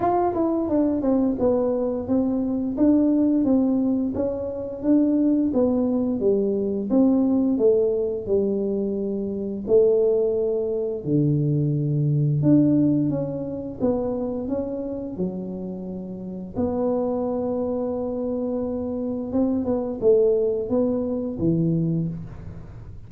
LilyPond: \new Staff \with { instrumentName = "tuba" } { \time 4/4 \tempo 4 = 87 f'8 e'8 d'8 c'8 b4 c'4 | d'4 c'4 cis'4 d'4 | b4 g4 c'4 a4 | g2 a2 |
d2 d'4 cis'4 | b4 cis'4 fis2 | b1 | c'8 b8 a4 b4 e4 | }